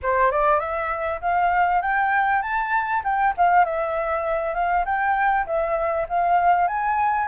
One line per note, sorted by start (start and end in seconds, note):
0.02 0.31 C5
0.31 0.59 D5
0.59 1.20 E5
1.21 1.81 F5
1.81 2.41 G5
2.41 3.02 A5
3.03 3.34 G5
3.37 3.64 F5
3.64 4.54 E5
4.54 4.84 F5
4.85 5.45 G5
5.46 6.06 E5
6.08 6.67 F5
6.67 7.28 G#5